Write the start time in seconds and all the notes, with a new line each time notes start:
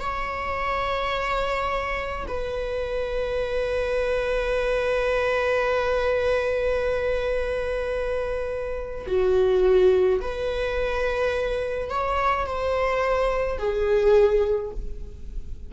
0.00 C#5
2.27 B4
9.07 F#4
10.21 B4
11.90 C#5
12.46 C5
13.57 G#4